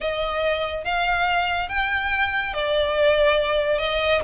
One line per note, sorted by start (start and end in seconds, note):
0.00 0.84 D#5
0.84 1.68 F5
1.69 2.53 G5
2.53 3.78 D5
3.78 4.20 D#5